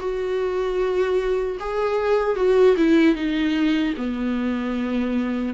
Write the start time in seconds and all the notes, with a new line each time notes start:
0.00 F#4
1.60 G#4
2.36 F#4
2.77 E4
3.15 D#4
3.97 B3